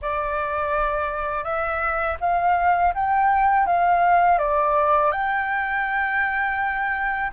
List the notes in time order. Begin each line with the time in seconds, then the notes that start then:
0.01 D5
1.44 E5
2.20 F5
2.94 G5
3.66 F5
4.38 D5
5.11 G5